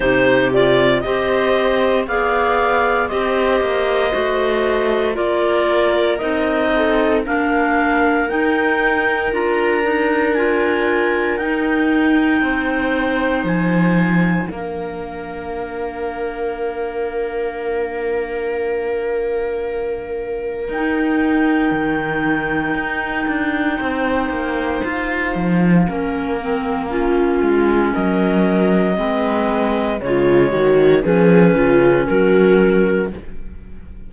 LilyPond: <<
  \new Staff \with { instrumentName = "clarinet" } { \time 4/4 \tempo 4 = 58 c''8 d''8 dis''4 f''4 dis''4~ | dis''4 d''4 dis''4 f''4 | g''4 ais''4 gis''4 g''4~ | g''4 gis''4 f''2~ |
f''1 | g''1 | f''2. dis''4~ | dis''4 cis''4 b'4 ais'4 | }
  \new Staff \with { instrumentName = "viola" } { \time 4/4 g'4 c''4 d''4 c''4~ | c''4 ais'4. a'8 ais'4~ | ais'1 | c''2 ais'2~ |
ais'1~ | ais'2. c''4~ | c''4 ais'4 f'4 ais'4 | b'4 f'8 fis'8 gis'8 f'8 fis'4 | }
  \new Staff \with { instrumentName = "clarinet" } { \time 4/4 dis'8 f'8 g'4 gis'4 g'4 | fis'4 f'4 dis'4 d'4 | dis'4 f'8 dis'8 f'4 dis'4~ | dis'2 d'2~ |
d'1 | dis'1~ | dis'4 cis'8 c'8 cis'2 | c'4 gis4 cis'2 | }
  \new Staff \with { instrumentName = "cello" } { \time 4/4 c4 c'4 b4 c'8 ais8 | a4 ais4 c'4 ais4 | dis'4 d'2 dis'4 | c'4 f4 ais2~ |
ais1 | dis'4 dis4 dis'8 d'8 c'8 ais8 | f'8 f8 ais4. gis8 fis4 | gis4 cis8 dis8 f8 cis8 fis4 | }
>>